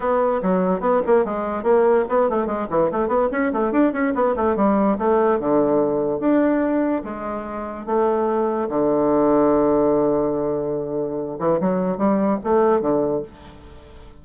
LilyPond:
\new Staff \with { instrumentName = "bassoon" } { \time 4/4 \tempo 4 = 145 b4 fis4 b8 ais8 gis4 | ais4 b8 a8 gis8 e8 a8 b8 | cis'8 a8 d'8 cis'8 b8 a8 g4 | a4 d2 d'4~ |
d'4 gis2 a4~ | a4 d2.~ | d2.~ d8 e8 | fis4 g4 a4 d4 | }